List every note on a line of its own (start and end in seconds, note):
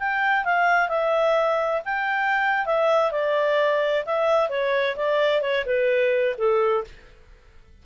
0.00 0.45 G5
0.45 0.89 F5
0.89 1.82 E5
1.85 2.66 G5
2.66 3.12 E5
3.12 4.05 D5
4.06 4.50 E5
4.50 4.96 C#5
4.97 5.42 D5
5.42 5.65 C#5
5.66 6.36 B4
6.38 6.85 A4